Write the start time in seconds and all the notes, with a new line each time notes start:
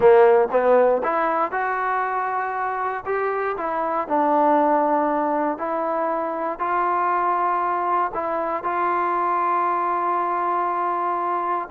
0.00 A#3
0.51 B3
1.03 E4
1.51 F#4
3.05 G4
3.57 E4
4.07 D4
5.58 E4
6.59 F4
8.14 E4
8.63 F4